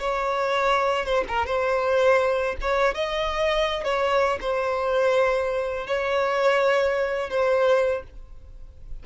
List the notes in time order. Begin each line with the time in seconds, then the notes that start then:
0.00 C#5
1.06 C5
1.28 A#4
1.46 C5
2.61 C#5
2.95 D#5
3.84 C#5
4.41 C5
5.87 C#5
7.30 C5